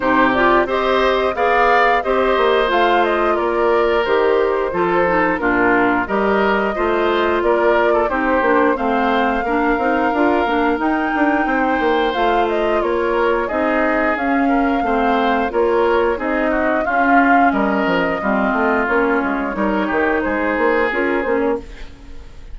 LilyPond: <<
  \new Staff \with { instrumentName = "flute" } { \time 4/4 \tempo 4 = 89 c''8 d''8 dis''4 f''4 dis''4 | f''8 dis''8 d''4 c''2 | ais'4 dis''2 d''4 | c''4 f''2. |
g''2 f''8 dis''8 cis''4 | dis''4 f''2 cis''4 | dis''4 f''4 dis''2 | cis''2 c''4 ais'8 c''16 cis''16 | }
  \new Staff \with { instrumentName = "oboe" } { \time 4/4 g'4 c''4 d''4 c''4~ | c''4 ais'2 a'4 | f'4 ais'4 c''4 ais'8. a'16 | g'4 c''4 ais'2~ |
ais'4 c''2 ais'4 | gis'4. ais'8 c''4 ais'4 | gis'8 fis'8 f'4 ais'4 f'4~ | f'4 ais'8 g'8 gis'2 | }
  \new Staff \with { instrumentName = "clarinet" } { \time 4/4 dis'8 f'8 g'4 gis'4 g'4 | f'2 g'4 f'8 dis'8 | d'4 g'4 f'2 | dis'8 d'8 c'4 d'8 dis'8 f'8 d'8 |
dis'2 f'2 | dis'4 cis'4 c'4 f'4 | dis'4 cis'2 c'4 | cis'4 dis'2 f'8 cis'8 | }
  \new Staff \with { instrumentName = "bassoon" } { \time 4/4 c4 c'4 b4 c'8 ais8 | a4 ais4 dis4 f4 | ais,4 g4 a4 ais4 | c'8 ais8 a4 ais8 c'8 d'8 ais8 |
dis'8 d'8 c'8 ais8 a4 ais4 | c'4 cis'4 a4 ais4 | c'4 cis'4 g8 f8 g8 a8 | ais8 gis8 g8 dis8 gis8 ais8 cis'8 ais8 | }
>>